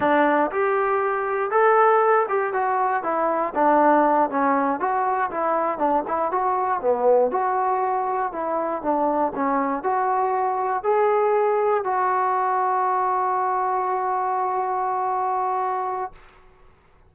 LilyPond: \new Staff \with { instrumentName = "trombone" } { \time 4/4 \tempo 4 = 119 d'4 g'2 a'4~ | a'8 g'8 fis'4 e'4 d'4~ | d'8 cis'4 fis'4 e'4 d'8 | e'8 fis'4 b4 fis'4.~ |
fis'8 e'4 d'4 cis'4 fis'8~ | fis'4. gis'2 fis'8~ | fis'1~ | fis'1 | }